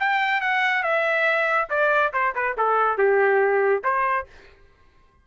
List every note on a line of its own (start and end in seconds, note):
0.00 0.41 G5
0.41 0.83 F#5
0.83 1.68 E5
1.70 2.13 D5
2.13 2.35 C5
2.35 2.56 B4
2.58 2.98 A4
2.98 3.83 G4
3.84 4.27 C5